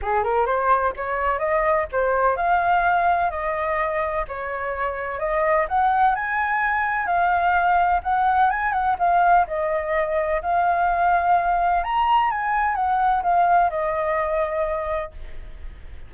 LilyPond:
\new Staff \with { instrumentName = "flute" } { \time 4/4 \tempo 4 = 127 gis'8 ais'8 c''4 cis''4 dis''4 | c''4 f''2 dis''4~ | dis''4 cis''2 dis''4 | fis''4 gis''2 f''4~ |
f''4 fis''4 gis''8 fis''8 f''4 | dis''2 f''2~ | f''4 ais''4 gis''4 fis''4 | f''4 dis''2. | }